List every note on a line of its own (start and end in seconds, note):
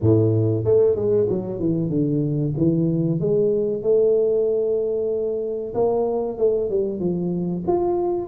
0.00 0.64 A2
0.64 0.95 A3
0.95 1.27 G#3
1.29 1.59 F#3
1.59 1.89 E3
1.89 2.53 D3
2.57 3.19 E3
3.19 3.82 G#3
3.82 5.74 A3
5.74 6.37 A#3
6.37 6.69 A3
6.70 6.99 G3
6.99 7.63 F3
7.67 8.27 F4